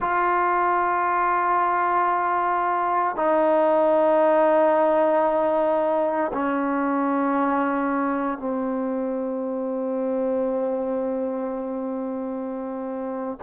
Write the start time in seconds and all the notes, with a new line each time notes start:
0.00 F4
3.16 D#4
6.33 C#4
8.37 C4